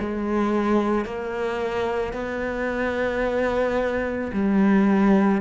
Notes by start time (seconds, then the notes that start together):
0.00 G#3
1.05 A#3
2.13 B3
4.33 G3